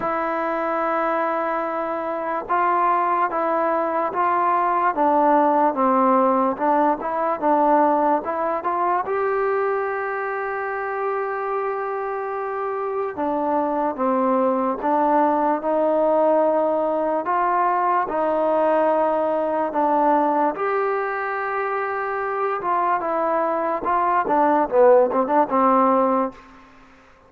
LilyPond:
\new Staff \with { instrumentName = "trombone" } { \time 4/4 \tempo 4 = 73 e'2. f'4 | e'4 f'4 d'4 c'4 | d'8 e'8 d'4 e'8 f'8 g'4~ | g'1 |
d'4 c'4 d'4 dis'4~ | dis'4 f'4 dis'2 | d'4 g'2~ g'8 f'8 | e'4 f'8 d'8 b8 c'16 d'16 c'4 | }